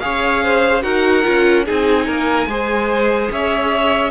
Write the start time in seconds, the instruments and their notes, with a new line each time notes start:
0.00 cello C#4, viola G#4, violin C#5 F5
0.44 violin C5
0.82 cello D#4, viola F#4, violin A#4 F#5
1.24 cello C#4, viola F4
1.66 cello C4, viola D#4, violin G#4 G#5
2.06 cello A#3, violin A#4
2.47 cello G#3, viola G#4, violin C5
3.31 cello C#4, violin C#5 E5